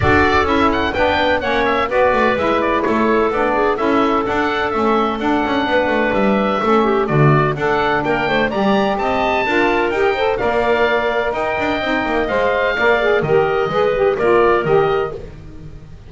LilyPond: <<
  \new Staff \with { instrumentName = "oboe" } { \time 4/4 \tempo 4 = 127 d''4 e''8 fis''8 g''4 fis''8 e''8 | d''4 e''8 d''8 cis''4 d''4 | e''4 fis''4 e''4 fis''4~ | fis''4 e''2 d''4 |
fis''4 g''4 ais''4 a''4~ | a''4 g''4 f''2 | g''2 f''2 | dis''2 d''4 dis''4 | }
  \new Staff \with { instrumentName = "clarinet" } { \time 4/4 a'2 b'4 cis''4 | b'2 a'4. gis'8 | a'1 | b'2 a'8 g'8 fis'4 |
a'4 ais'8 c''8 d''4 dis''4 | ais'4. c''8 d''2 | dis''2. d''4 | ais'4 b'4 ais'2 | }
  \new Staff \with { instrumentName = "saxophone" } { \time 4/4 fis'4 e'4 d'4 cis'4 | fis'4 e'2 d'4 | e'4 d'4 cis'4 d'4~ | d'2 cis'4 a4 |
d'2 g'2 | f'4 g'8 a'8 ais'2~ | ais'4 dis'4 c''4 ais'8 gis'8 | g'4 gis'8 g'8 f'4 g'4 | }
  \new Staff \with { instrumentName = "double bass" } { \time 4/4 d'4 cis'4 b4 ais4 | b8 a8 gis4 a4 b4 | cis'4 d'4 a4 d'8 cis'8 | b8 a8 g4 a4 d4 |
d'4 ais8 a8 g4 c'4 | d'4 dis'4 ais2 | dis'8 d'8 c'8 ais8 gis4 ais4 | dis4 gis4 ais4 dis4 | }
>>